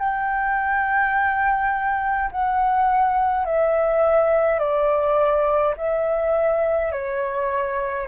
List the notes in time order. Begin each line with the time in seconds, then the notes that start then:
0.00 G5
2.32 F#5
3.46 E5
4.59 D5
5.77 E5
6.92 C#5